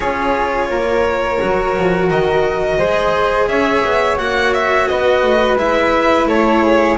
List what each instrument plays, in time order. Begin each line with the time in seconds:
0.00 double bass C#4, cello F4, flute G#4, violin C#5
0.69 double bass A#3, flute A#4
1.39 double bass F#3, cello F#4
1.76 double bass F3
2.10 double bass D#3, violin D#5
2.77 double bass G#3, cello G#4, flute C5
3.47 double bass C#4, flute C#5, violin E5
3.84 double bass B3
4.17 double bass A#3, cello F#4, violin F#5
4.53 violin E5
4.87 double bass B3, flute B4, violin D#5
5.22 double bass A3
5.55 double bass G#3, cello E4, violin E5
6.25 double bass A3, flute A4, violin C#5
6.63 flute G#4